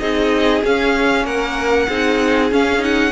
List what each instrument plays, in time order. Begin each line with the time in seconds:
0.00 cello C4, viola D#4, violin G#4 D#5
0.63 viola C#4, cello C#4, violin F5
1.25 cello A#3, violin A#4 F#5
1.89 cello C4, viola D#4, violin G#4
2.51 cello C#4, viola C#4, violin F5
2.79 viola D#4, violin F#5